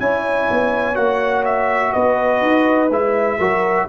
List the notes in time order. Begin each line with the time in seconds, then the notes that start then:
0.00 C#4 E4 C#5 G#5
0.51 B3
0.95 A#3 F#4 F#5
1.45 E5
1.93 B3 B4 D#5
2.42 D#4
2.90 G#3 E4 E5
3.39 F#3 F#4 A#4